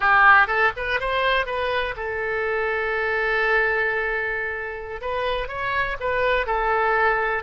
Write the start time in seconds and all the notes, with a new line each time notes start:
0.00 G4
0.47 A4
0.76 B4
1.00 C5
1.46 B4
1.96 A4
5.01 B4
5.48 C#5
6.00 B4
6.46 A4